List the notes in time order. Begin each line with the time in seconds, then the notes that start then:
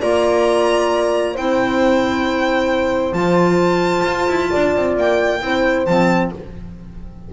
0.00 A#3 F4 D5 A#5
1.33 C4 E4 C5 G5
3.12 F3 F4 A5
4.05 F4
4.28 E4
4.51 D4 D5
4.76 C4
4.97 A#3 G5
5.41 C4 E4 C5
5.86 F3 C4 A5